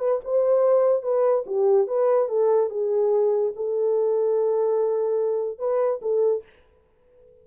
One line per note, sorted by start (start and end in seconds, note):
0.00 0.21 B4
0.25 1.03 C5
1.03 1.45 B4
1.47 1.88 G4
1.88 2.29 B4
2.29 2.70 A4
2.70 3.53 G#4
3.56 5.59 A4
5.59 6.01 B4
6.02 6.43 A4